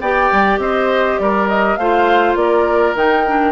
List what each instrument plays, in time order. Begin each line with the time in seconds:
0.00 bassoon B3, clarinet G4, oboe D5, flute G5
0.31 bassoon G3
0.58 bassoon C4, oboe C5, flute D#5
1.18 bassoon G3, oboe A#4, flute D5
1.48 flute D#5
1.76 bassoon A3, clarinet F4, oboe C5, flute F5
2.35 bassoon A#3, oboe A#4, flute D5
2.94 bassoon D#3, clarinet D#4, flute G5
3.26 clarinet D4